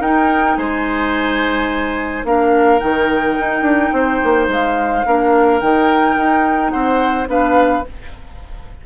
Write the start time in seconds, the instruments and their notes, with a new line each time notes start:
0.00 bassoon D#4, clarinet D#4, oboe A#4, flute G5
0.57 bassoon G#3, oboe C5, flute G#5
2.24 bassoon A#3, clarinet D4, oboe A#4, flute F5
2.79 bassoon D#3, clarinet D#4, flute G5
3.40 bassoon D#4
3.62 bassoon D4
3.93 bassoon C4, oboe C5
4.23 bassoon A#3
4.48 bassoon G#3, flute F5
5.06 bassoon A#3, clarinet D4, oboe A#4
5.60 bassoon D#3, clarinet D#4, flute G5
6.16 bassoon D#4
6.70 bassoon C4, oboe C5, flute F#5
7.27 bassoon B3, clarinet D4, oboe B4, flute F5